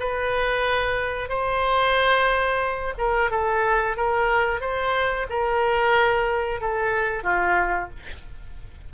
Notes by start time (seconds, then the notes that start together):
0.00 B4
1.29 C5
2.98 A#4
3.31 A4
3.97 A#4
4.61 C5
5.29 A#4
6.61 A4
7.24 F4